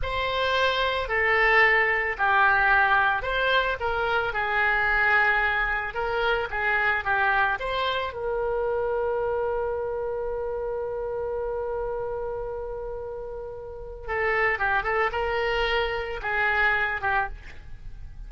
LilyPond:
\new Staff \with { instrumentName = "oboe" } { \time 4/4 \tempo 4 = 111 c''2 a'2 | g'2 c''4 ais'4 | gis'2. ais'4 | gis'4 g'4 c''4 ais'4~ |
ais'1~ | ais'1~ | ais'2 a'4 g'8 a'8 | ais'2 gis'4. g'8 | }